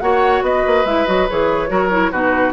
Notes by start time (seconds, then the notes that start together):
0.00 A#3 F#4 C#5 F#5
0.42 B3 B4 D#5
0.66 A#3
0.84 G#3 E4 E5
1.06 F#3 F#4 D#5
1.29 E3 G#4 C#5
1.68 F#3 F#4 A#4
1.90 E4
2.11 B2 D#4 F#4 B4